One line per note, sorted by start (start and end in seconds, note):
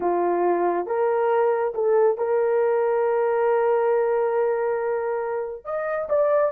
0.00 0.86 F4
0.86 1.73 A#4
1.74 2.17 A4
2.17 5.65 A#4
5.65 6.08 D#5
6.09 6.52 D5